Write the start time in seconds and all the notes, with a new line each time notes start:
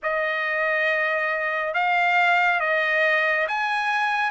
0.02 D#5
1.74 F5
2.60 D#5
3.48 G#5